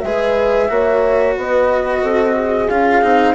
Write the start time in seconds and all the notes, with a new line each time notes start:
0.00 G#3 G#4 B4 E5
0.68 A#3 F#4 C#5
1.37 B3 B4 D#5
2.03 C4 A4
2.35 G#4
2.68 C#4 F4 F5
3.02 C4 D#4